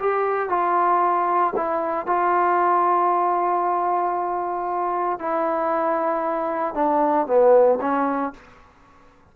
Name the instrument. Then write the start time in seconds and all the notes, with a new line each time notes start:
trombone
0.00 G4
0.50 F4
1.57 E4
2.07 F4
5.20 E4
6.75 D4
7.27 B3
7.81 C#4